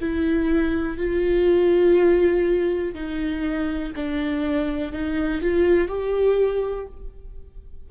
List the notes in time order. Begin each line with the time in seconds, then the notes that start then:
0.00 E4
0.97 F4
2.94 D#4
3.95 D4
4.92 D#4
5.41 F4
5.87 G4